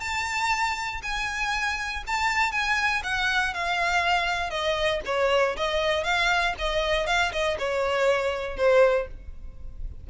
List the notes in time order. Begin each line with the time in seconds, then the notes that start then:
0.00 A5
1.02 G#5
2.06 A5
2.51 G#5
3.03 F#5
3.53 F5
4.50 D#5
5.05 C#5
5.56 D#5
6.03 F5
6.58 D#5
7.06 F5
7.32 D#5
7.58 C#5
8.56 C5